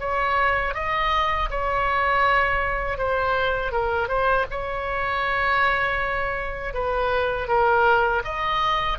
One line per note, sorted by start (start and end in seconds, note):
0.00 0.75 C#5
0.75 1.50 D#5
1.50 2.98 C#5
2.98 3.72 C5
3.72 4.08 A#4
4.08 4.46 C5
4.51 6.74 C#5
6.74 7.48 B4
7.48 8.23 A#4
8.24 8.99 D#5